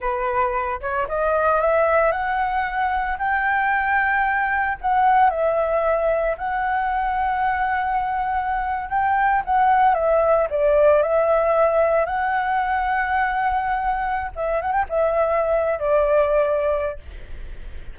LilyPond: \new Staff \with { instrumentName = "flute" } { \time 4/4 \tempo 4 = 113 b'4. cis''8 dis''4 e''4 | fis''2 g''2~ | g''4 fis''4 e''2 | fis''1~ |
fis''8. g''4 fis''4 e''4 d''16~ | d''8. e''2 fis''4~ fis''16~ | fis''2. e''8 fis''16 g''16 | e''4.~ e''16 d''2~ d''16 | }